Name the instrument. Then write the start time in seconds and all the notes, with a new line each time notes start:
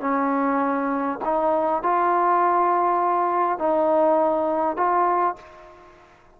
trombone
0.00 C#4
1.24 D#4
1.82 F4
3.58 D#4
4.76 F4